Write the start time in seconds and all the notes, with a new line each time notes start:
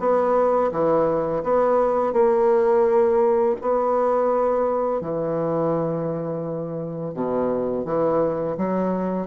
0.00 B3
0.72 E3
1.44 B3
2.13 A#3
3.62 B3
5.01 E3
7.15 B2
7.85 E3
8.58 F#3